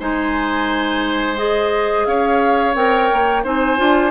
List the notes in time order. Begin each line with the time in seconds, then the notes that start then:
0.00 G#3 D#4 C5 G#5
1.36 G#4 D#5
2.06 C#4 C#5 F5
2.75 C4 A#4 G5
3.12 A#3
3.43 C4 D#4 C5 G#5
3.77 D4 F4